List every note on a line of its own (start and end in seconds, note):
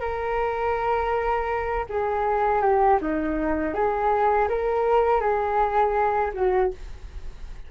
0.00 1.85 A#4
1.90 2.62 G#4
2.62 2.99 G4
3.01 3.74 D#4
3.74 4.48 G#4
4.49 5.21 A#4
5.21 6.32 G#4
6.34 6.71 F#4